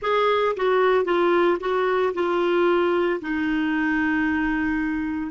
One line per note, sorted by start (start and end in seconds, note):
0.02 0.55 G#4
0.56 1.05 F#4
1.05 1.58 F4
1.60 2.13 F#4
2.14 3.20 F4
3.21 5.31 D#4